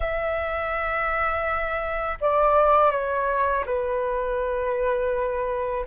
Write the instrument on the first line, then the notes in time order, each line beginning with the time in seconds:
flute
0.00 E5
2.20 D5
2.91 C#5
3.66 B4